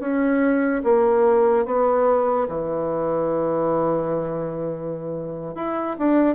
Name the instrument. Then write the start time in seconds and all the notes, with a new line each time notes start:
bassoon
0.00 C#4
0.84 A#3
1.65 B3
2.48 E3
5.55 E4
5.99 D4